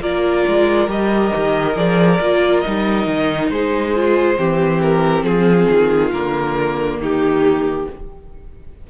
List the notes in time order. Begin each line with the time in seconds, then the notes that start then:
0.00 A#3 F4 A#4 D5
0.48 G#3
0.88 G3 G4 D#5
1.36 D#3
1.75 F3 G#4 D5
2.20 A#3 F4
2.60 D#4 D#5
2.66 G3
3.07 D#3
3.50 G#3 G#4 C5
3.95 F4
4.37 E3 C4 G4
4.82 A#4
5.22 F3 F4 G#4
5.70 D#3
6.12 D3 A#3 A#4
6.99 D#3 D#4 G4